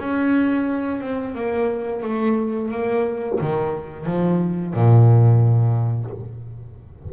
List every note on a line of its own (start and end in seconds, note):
0.00 1.01 C#4
1.01 1.35 C4
1.35 2.04 A#3
2.04 2.71 A3
2.71 3.40 A#3
3.41 4.06 D#3
4.06 4.74 F3
4.74 6.11 A#2